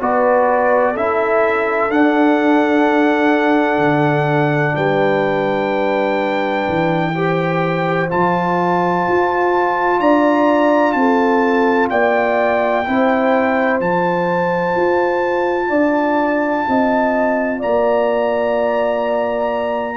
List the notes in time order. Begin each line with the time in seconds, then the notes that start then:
0.00 B3 F#4 B4 D5
0.93 C#4 E4 A4 E5
1.89 D4 F#5
3.78 D3
4.76 G3 B4 G5
6.68 E3
7.14 G4 C5
8.09 F3 F4 A5
9.08 F4
10.00 D4 D5 A#5
10.93 C4 A4 A5
11.90 A#3 D5 G5
12.86 C4 E4 C5
13.80 F3 F4 A5
14.76 F4
15.69 D4 D5
16.68 C4 D#5
17.59 A#3 D5 A#5